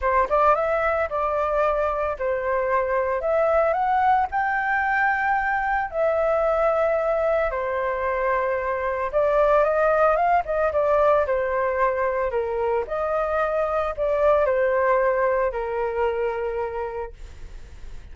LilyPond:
\new Staff \with { instrumentName = "flute" } { \time 4/4 \tempo 4 = 112 c''8 d''8 e''4 d''2 | c''2 e''4 fis''4 | g''2. e''4~ | e''2 c''2~ |
c''4 d''4 dis''4 f''8 dis''8 | d''4 c''2 ais'4 | dis''2 d''4 c''4~ | c''4 ais'2. | }